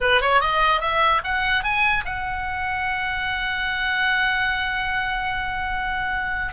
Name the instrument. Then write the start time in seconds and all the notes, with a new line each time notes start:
oboe
0.00 B4
0.21 C#5
0.40 D#5
0.81 E5
1.24 F#5
1.63 G#5
2.05 F#5